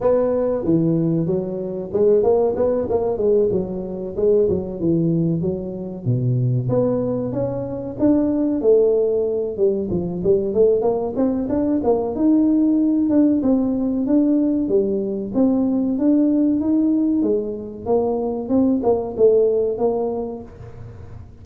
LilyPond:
\new Staff \with { instrumentName = "tuba" } { \time 4/4 \tempo 4 = 94 b4 e4 fis4 gis8 ais8 | b8 ais8 gis8 fis4 gis8 fis8 e8~ | e8 fis4 b,4 b4 cis'8~ | cis'8 d'4 a4. g8 f8 |
g8 a8 ais8 c'8 d'8 ais8 dis'4~ | dis'8 d'8 c'4 d'4 g4 | c'4 d'4 dis'4 gis4 | ais4 c'8 ais8 a4 ais4 | }